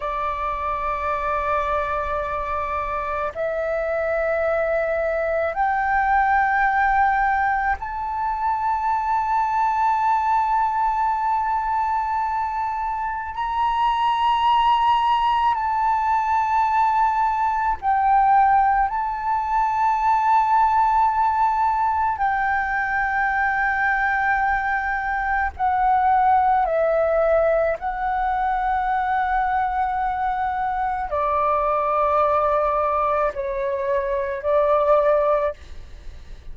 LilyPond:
\new Staff \with { instrumentName = "flute" } { \time 4/4 \tempo 4 = 54 d''2. e''4~ | e''4 g''2 a''4~ | a''1 | ais''2 a''2 |
g''4 a''2. | g''2. fis''4 | e''4 fis''2. | d''2 cis''4 d''4 | }